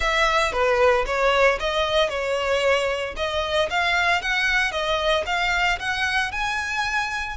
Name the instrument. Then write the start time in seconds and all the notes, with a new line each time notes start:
violin
0.00 E5
0.52 B4
1.06 C#5
1.59 D#5
2.09 C#5
3.16 D#5
3.69 F5
4.21 F#5
4.71 D#5
5.26 F5
5.79 F#5
6.31 G#5